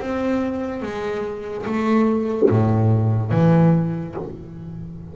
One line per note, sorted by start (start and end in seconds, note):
0.00 0.83 C4
0.83 1.66 G#3
1.66 2.50 A3
2.50 3.32 A2
3.32 4.15 E3